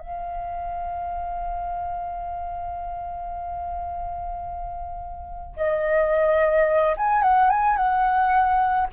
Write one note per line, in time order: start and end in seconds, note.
0.00 5.56 F5
5.57 6.96 D#5
6.97 7.23 G#5
7.23 7.51 F#5
7.51 7.77 G#5
7.77 8.88 F#5